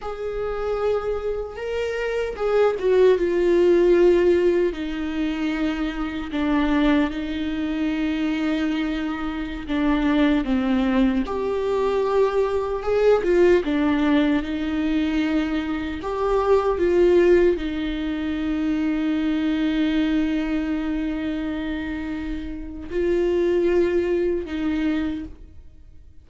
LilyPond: \new Staff \with { instrumentName = "viola" } { \time 4/4 \tempo 4 = 76 gis'2 ais'4 gis'8 fis'8 | f'2 dis'2 | d'4 dis'2.~ | dis'16 d'4 c'4 g'4.~ g'16~ |
g'16 gis'8 f'8 d'4 dis'4.~ dis'16~ | dis'16 g'4 f'4 dis'4.~ dis'16~ | dis'1~ | dis'4 f'2 dis'4 | }